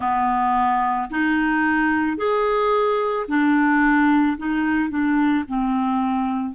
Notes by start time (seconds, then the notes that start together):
0.00 B3
1.10 D#4
2.17 G#4
3.28 D4
4.37 D#4
4.89 D4
5.47 C4